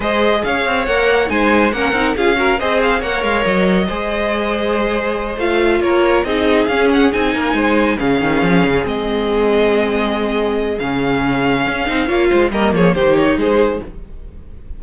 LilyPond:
<<
  \new Staff \with { instrumentName = "violin" } { \time 4/4 \tempo 4 = 139 dis''4 f''4 fis''4 gis''4 | fis''4 f''4 dis''8 f''8 fis''8 f''8 | dis''1~ | dis''8 f''4 cis''4 dis''4 f''8 |
fis''8 gis''2 f''4.~ | f''8 dis''2.~ dis''8~ | dis''4 f''2.~ | f''4 dis''8 cis''8 c''8 cis''8 c''4 | }
  \new Staff \with { instrumentName = "violin" } { \time 4/4 c''4 cis''2 c''4 | ais'4 gis'8 ais'8 c''4 cis''4~ | cis''4 c''2.~ | c''4. ais'4 gis'4.~ |
gis'4 ais'8 c''4 gis'4.~ | gis'1~ | gis'1 | cis''8 c''8 ais'8 gis'8 g'4 gis'4 | }
  \new Staff \with { instrumentName = "viola" } { \time 4/4 gis'2 ais'4 dis'4 | cis'8 dis'8 f'8 fis'8 gis'4 ais'4~ | ais'4 gis'2.~ | gis'8 f'2 dis'4 cis'8~ |
cis'8 dis'2 cis'4.~ | cis'8 c'2.~ c'8~ | c'4 cis'2~ cis'8 dis'8 | f'4 ais4 dis'2 | }
  \new Staff \with { instrumentName = "cello" } { \time 4/4 gis4 cis'8 c'8 ais4 gis4 | ais8 c'8 cis'4 c'4 ais8 gis8 | fis4 gis2.~ | gis8 a4 ais4 c'4 cis'8~ |
cis'8 c'8 ais8 gis4 cis8 dis8 f8 | cis8 gis2.~ gis8~ | gis4 cis2 cis'8 c'8 | ais8 gis8 g8 f8 dis4 gis4 | }
>>